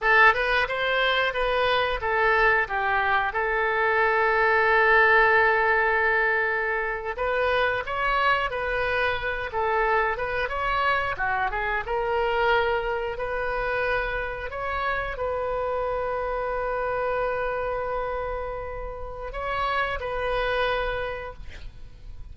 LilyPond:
\new Staff \with { instrumentName = "oboe" } { \time 4/4 \tempo 4 = 90 a'8 b'8 c''4 b'4 a'4 | g'4 a'2.~ | a'2~ a'8. b'4 cis''16~ | cis''8. b'4. a'4 b'8 cis''16~ |
cis''8. fis'8 gis'8 ais'2 b'16~ | b'4.~ b'16 cis''4 b'4~ b'16~ | b'1~ | b'4 cis''4 b'2 | }